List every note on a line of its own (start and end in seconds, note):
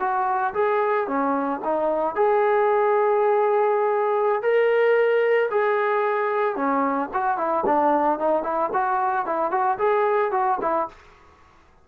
0.00 0.54 F#4
0.54 1.08 G#4
1.08 1.61 C#4
1.64 2.16 D#4
2.16 4.42 G#4
4.42 5.50 A#4
5.51 6.56 G#4
6.56 7.10 C#4
7.14 7.38 F#4
7.38 7.65 E4
7.66 8.20 D4
8.20 8.43 D#4
8.43 8.70 E4
8.73 9.26 F#4
9.26 9.51 E4
9.51 9.78 F#4
9.78 10.32 G#4
10.32 10.59 F#4
10.62 10.88 E4